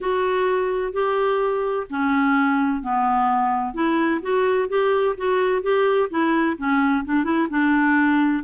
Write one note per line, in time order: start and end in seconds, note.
0.00 0.92 F#4
0.92 1.86 G4
1.90 2.82 C#4
2.82 3.74 B3
3.74 4.21 E4
4.21 4.68 F#4
4.68 5.15 G4
5.17 5.62 F#4
5.62 6.09 G4
6.09 6.56 E4
6.57 7.04 C#4
7.04 7.24 D4
7.24 7.47 E4
7.50 8.43 D4